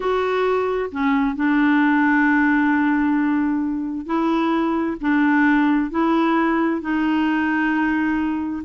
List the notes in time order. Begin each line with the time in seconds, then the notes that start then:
0.00 F#4
0.91 C#4
1.35 D4
4.06 E4
5.01 D4
5.90 E4
6.81 D#4